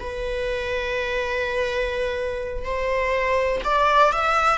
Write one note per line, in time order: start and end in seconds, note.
0.00 2.64 B4
2.64 3.61 C5
3.64 4.12 D5
4.12 4.58 E5